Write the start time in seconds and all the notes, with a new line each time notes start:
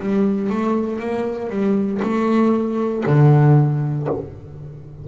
0.00 G3
0.50 A3
1.00 A#3
1.50 G3
2.02 A3
3.06 D3